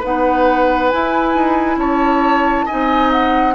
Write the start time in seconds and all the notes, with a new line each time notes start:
0.00 B3 D#4 B4 F#5
0.90 E4 G#5
1.35 D#4
1.77 C#4 C#5 A5
2.66 D#4 D#5 G#5
2.72 C4
3.12 F#5